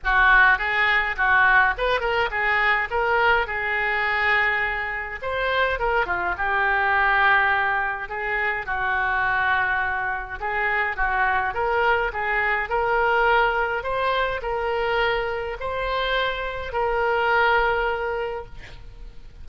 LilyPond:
\new Staff \with { instrumentName = "oboe" } { \time 4/4 \tempo 4 = 104 fis'4 gis'4 fis'4 b'8 ais'8 | gis'4 ais'4 gis'2~ | gis'4 c''4 ais'8 f'8 g'4~ | g'2 gis'4 fis'4~ |
fis'2 gis'4 fis'4 | ais'4 gis'4 ais'2 | c''4 ais'2 c''4~ | c''4 ais'2. | }